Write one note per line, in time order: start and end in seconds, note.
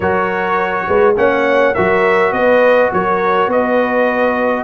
0.00 0.86 F#3
0.00 1.16 F#4
0.00 0.86 A#4
0.00 1.16 C#5
0.87 1.17 G#3
0.87 1.16 B4
1.16 1.75 A#3
1.16 1.74 C#4
1.16 1.74 C#5
1.16 1.74 F#5
1.74 2.31 F#3
1.74 4.63 F#4
1.74 2.33 A#4
1.74 2.32 E5
2.31 2.90 B3
2.31 2.91 B4
2.31 2.91 D#5
2.92 3.47 F#3
2.92 3.52 A#4
2.92 3.51 C#5
3.47 4.63 B3
3.47 4.63 B4
3.47 4.63 D#5